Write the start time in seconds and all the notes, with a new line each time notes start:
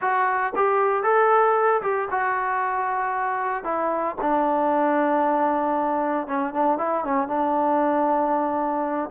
0.01 F#4
0.55 G4
1.03 A4
1.82 G4
2.10 F#4
3.64 E4
4.21 D4
6.27 C#4
6.53 D4
6.78 E4
7.04 C#4
7.27 D4